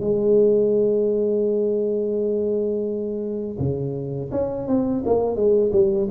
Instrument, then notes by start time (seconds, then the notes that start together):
tuba
0.00 G#3
3.59 C#3
4.31 C#4
4.67 C4
5.05 A#3
5.35 G#3
5.72 G3